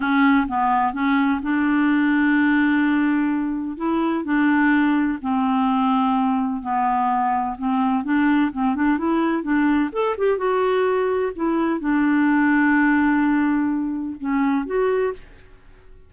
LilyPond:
\new Staff \with { instrumentName = "clarinet" } { \time 4/4 \tempo 4 = 127 cis'4 b4 cis'4 d'4~ | d'1 | e'4 d'2 c'4~ | c'2 b2 |
c'4 d'4 c'8 d'8 e'4 | d'4 a'8 g'8 fis'2 | e'4 d'2.~ | d'2 cis'4 fis'4 | }